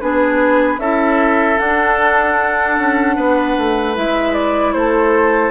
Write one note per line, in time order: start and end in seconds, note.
0.00 0.78 B3
0.00 0.79 D4
0.00 0.80 G#4
0.00 0.79 B4
0.78 1.57 C#4
0.78 1.58 E4
0.78 3.16 A4
0.78 1.58 E5
1.58 3.95 D4
1.58 2.78 D4
1.58 3.95 F#5
2.78 3.16 C#4
3.16 3.55 B3
3.16 4.74 B4
3.57 3.96 A3
3.95 4.74 G#3
3.95 5.50 E4
3.95 4.33 E5
4.33 4.73 D5
4.73 5.50 A3
4.73 5.50 A4
4.73 5.50 C5